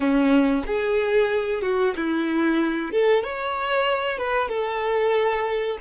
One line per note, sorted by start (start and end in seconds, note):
0.00 0.64 C#4
0.66 1.62 G#4
1.62 1.94 F#4
1.95 2.91 E4
2.91 3.23 A4
3.23 4.18 C#5
4.18 4.48 B4
4.48 5.77 A4